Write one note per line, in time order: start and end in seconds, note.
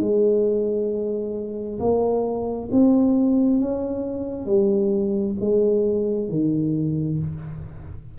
0.00 1.79 G#3
1.80 2.69 A#3
2.72 3.60 C4
3.60 4.46 C#4
4.46 5.35 G3
5.41 6.29 G#3
6.29 7.19 D#3